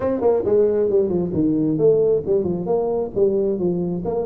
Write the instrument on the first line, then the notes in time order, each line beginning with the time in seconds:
tuba
0.00 C4
0.20 A#3
0.45 G#3
0.89 G3
1.09 F3
1.33 D#3
1.77 A3
2.26 G3
2.44 F3
2.66 A#3
3.15 G3
3.58 F3
4.04 A#3